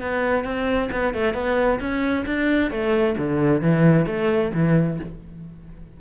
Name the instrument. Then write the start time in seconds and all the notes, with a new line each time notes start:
cello
0.00 B3
0.44 C4
0.91 B3
1.14 A3
1.34 B3
1.80 C#4
2.26 D4
2.70 A3
3.17 D3
3.61 E3
4.06 A3
4.53 E3